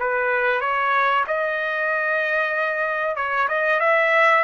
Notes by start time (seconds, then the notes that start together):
0.00 B4
0.61 C#5
1.28 D#5
3.16 C#5
3.49 D#5
3.80 E5